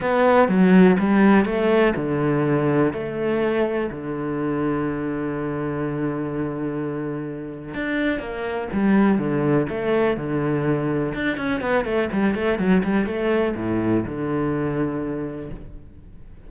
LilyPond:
\new Staff \with { instrumentName = "cello" } { \time 4/4 \tempo 4 = 124 b4 fis4 g4 a4 | d2 a2 | d1~ | d1 |
d'4 ais4 g4 d4 | a4 d2 d'8 cis'8 | b8 a8 g8 a8 fis8 g8 a4 | a,4 d2. | }